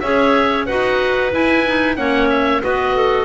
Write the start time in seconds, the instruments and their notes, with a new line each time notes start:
0.00 double bass C#4, clarinet G#4 C#5, oboe E5
0.66 double bass D#4, clarinet F#4 B4, oboe F#5
1.31 clarinet E4, double bass E4, oboe G#5
1.67 clarinet D#4
1.96 double bass A#3, clarinet C#4 C#5, oboe F#5
2.29 oboe E5
2.61 double bass B3, clarinet F#4 B4, oboe D#5
2.96 clarinet A4